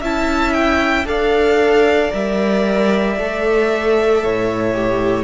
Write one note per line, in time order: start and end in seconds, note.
0.00 1.05 C#4
0.00 1.06 E4
0.00 1.05 E5
0.00 0.54 A5
0.54 1.06 G5
1.05 2.10 D4
1.05 2.11 A4
1.05 4.24 D5
1.05 2.13 F5
2.11 3.18 G3
2.11 3.16 A#4
2.11 5.24 E5
3.18 4.23 A3
3.18 4.75 A4
4.23 5.24 A2
4.23 5.24 C#5
4.75 5.24 G4